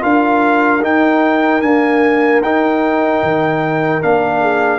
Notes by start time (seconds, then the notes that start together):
0.00 D4 F4 A#4 F5
0.81 D#4 G5
1.61 A#3 D4 G#5
2.41 D#4 G5
3.23 D#3
4.01 A#3 D4 F5
4.41 G#4